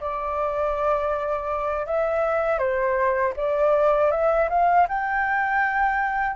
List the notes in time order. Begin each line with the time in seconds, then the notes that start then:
0.00 D5
1.85 E5
2.58 C5
3.36 D5
4.11 E5
4.49 F5
4.88 G5